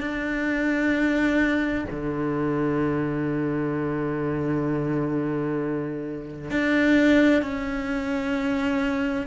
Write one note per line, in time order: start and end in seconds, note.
0.00 1.85 D4
1.90 6.50 D3
6.50 7.42 D4
7.42 9.26 C#4